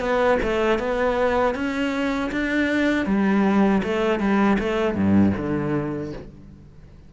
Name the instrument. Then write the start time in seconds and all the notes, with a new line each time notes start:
cello
0.00 B3
0.43 A3
0.79 B3
1.55 C#4
2.31 D4
3.06 G3
3.83 A3
4.20 G3
4.59 A3
4.95 G2
5.37 D3